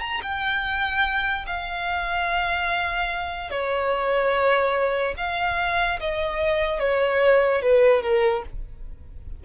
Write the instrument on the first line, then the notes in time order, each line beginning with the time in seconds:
violin
0.00 A#5
0.22 G5
1.46 F5
3.50 C#5
5.17 F5
6.00 D#5
6.80 C#5
7.62 B4
8.02 A#4